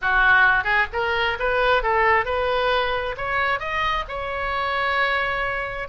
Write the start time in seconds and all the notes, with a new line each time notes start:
0.01 F#4
0.64 G#4
0.92 A#4
1.39 B4
1.82 A4
2.25 B4
3.17 C#5
3.59 D#5
4.08 C#5